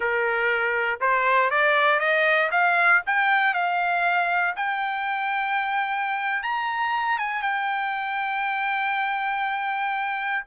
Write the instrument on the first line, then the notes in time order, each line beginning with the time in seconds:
trumpet
0.00 A#4
1.00 C5
1.50 D5
1.99 D#5
2.51 F5
3.06 G5
3.54 F5
4.56 G5
6.42 A#5
7.18 G#5
7.42 G5